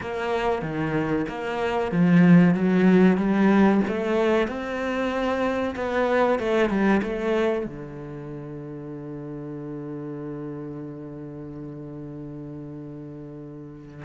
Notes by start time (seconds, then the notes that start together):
0.00 A#3
0.62 D#3
1.28 A#3
1.91 F3
2.54 F#3
3.17 G3
3.87 A3
4.47 C4
5.75 B3
6.39 A3
6.69 G3
7.02 A3
7.66 D3